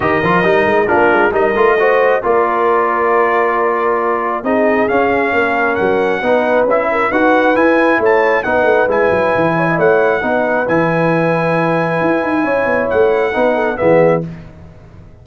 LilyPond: <<
  \new Staff \with { instrumentName = "trumpet" } { \time 4/4 \tempo 4 = 135 dis''2 ais'4 dis''4~ | dis''4 d''2.~ | d''2 dis''4 f''4~ | f''4 fis''2 e''4 |
fis''4 gis''4 a''4 fis''4 | gis''2 fis''2 | gis''1~ | gis''4 fis''2 e''4 | }
  \new Staff \with { instrumentName = "horn" } { \time 4/4 ais'2 f'4 ais'4 | c''4 ais'2.~ | ais'2 gis'2 | ais'2 b'4. ais'8 |
b'2 cis''4 b'4~ | b'4. cis''16 dis''16 cis''4 b'4~ | b'1 | cis''2 b'8 a'8 gis'4 | }
  \new Staff \with { instrumentName = "trombone" } { \time 4/4 g'8 f'8 dis'4 d'4 dis'8 f'8 | fis'4 f'2.~ | f'2 dis'4 cis'4~ | cis'2 dis'4 e'4 |
fis'4 e'2 dis'4 | e'2. dis'4 | e'1~ | e'2 dis'4 b4 | }
  \new Staff \with { instrumentName = "tuba" } { \time 4/4 dis8 f8 g8 gis8 ais8 gis8 g8 a8~ | a4 ais2.~ | ais2 c'4 cis'4 | ais4 fis4 b4 cis'4 |
dis'4 e'4 a4 b8 a8 | gis8 fis8 e4 a4 b4 | e2. e'8 dis'8 | cis'8 b8 a4 b4 e4 | }
>>